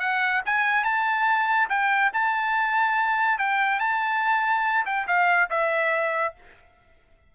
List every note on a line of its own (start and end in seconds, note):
0.00 0.42 F#5
0.46 0.84 G#5
0.84 1.69 A5
1.69 2.12 G5
2.14 3.39 A5
3.39 3.80 G5
3.80 4.86 A5
4.86 5.07 G5
5.08 5.50 F5
5.50 6.35 E5